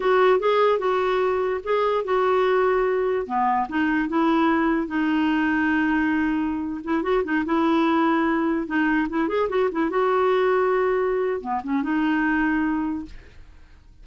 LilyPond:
\new Staff \with { instrumentName = "clarinet" } { \time 4/4 \tempo 4 = 147 fis'4 gis'4 fis'2 | gis'4 fis'2. | b4 dis'4 e'2 | dis'1~ |
dis'8. e'8 fis'8 dis'8 e'4.~ e'16~ | e'4~ e'16 dis'4 e'8 gis'8 fis'8 e'16~ | e'16 fis'2.~ fis'8. | b8 cis'8 dis'2. | }